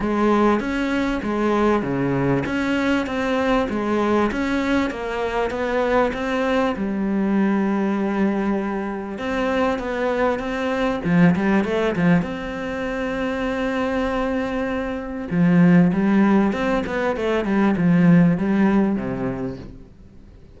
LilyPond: \new Staff \with { instrumentName = "cello" } { \time 4/4 \tempo 4 = 98 gis4 cis'4 gis4 cis4 | cis'4 c'4 gis4 cis'4 | ais4 b4 c'4 g4~ | g2. c'4 |
b4 c'4 f8 g8 a8 f8 | c'1~ | c'4 f4 g4 c'8 b8 | a8 g8 f4 g4 c4 | }